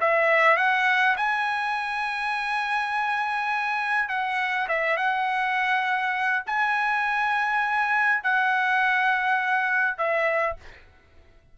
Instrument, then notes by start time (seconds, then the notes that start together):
trumpet
0.00 E5
0.57 F#5
1.17 G#5
4.08 F#5
4.68 E5
4.97 F#5
6.46 G#5
8.23 F#5
9.97 E5